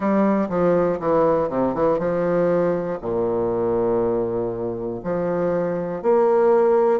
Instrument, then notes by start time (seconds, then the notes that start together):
bassoon
0.00 G3
0.49 F3
0.99 E3
1.49 C3
1.74 E3
1.99 F3
3.01 A#2
5.03 F3
6.02 A#3